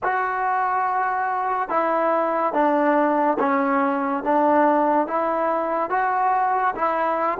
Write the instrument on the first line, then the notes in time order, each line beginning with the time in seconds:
trombone
0.03 F#4
1.69 E4
2.53 D4
3.39 C#4
4.23 D4
5.07 E4
5.89 F#4
6.75 E4